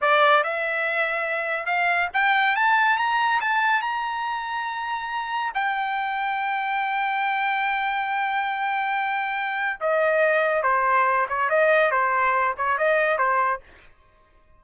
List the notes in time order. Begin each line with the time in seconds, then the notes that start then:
0.01 D5
0.43 E5
1.66 F5
2.13 G5
2.56 A5
2.97 A#5
3.40 A5
3.81 A#5
5.54 G5
9.80 D#5
10.62 C5
11.28 C#5
11.49 D#5
11.91 C5
12.57 C#5
12.78 D#5
13.18 C5